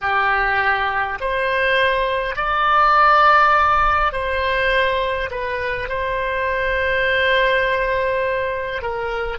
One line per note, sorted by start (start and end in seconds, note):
0.01 1.18 G4
1.20 2.36 C5
2.36 4.12 D5
4.12 5.29 C5
5.30 5.88 B4
5.88 8.82 C5
8.82 9.38 A#4